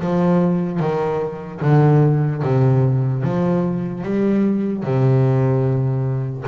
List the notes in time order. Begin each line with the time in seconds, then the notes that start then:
0.00 F3
0.80 D#3
1.61 D3
2.42 C3
3.23 F3
4.03 G3
4.83 C3